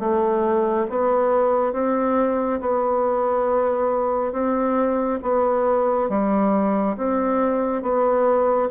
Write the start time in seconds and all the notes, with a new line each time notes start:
0.00 A3
0.90 B3
1.73 C4
2.60 B3
4.32 C4
5.23 B3
6.09 G3
6.97 C4
7.83 B3